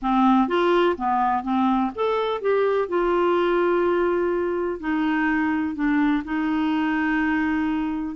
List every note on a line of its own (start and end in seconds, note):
0.02 0.48 C4
0.48 0.96 F4
0.97 1.43 B3
1.43 1.91 C4
1.95 2.41 A4
2.41 2.88 G4
2.88 4.79 F4
4.79 5.75 D#4
5.75 6.23 D4
6.24 8.15 D#4